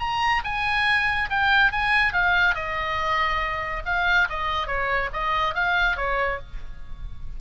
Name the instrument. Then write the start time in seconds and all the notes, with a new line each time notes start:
oboe
0.00 A#5
0.45 G#5
1.30 G5
1.72 G#5
2.13 F5
2.56 D#5
3.86 F5
4.30 D#5
4.67 C#5
5.14 D#5
5.55 F5
5.97 C#5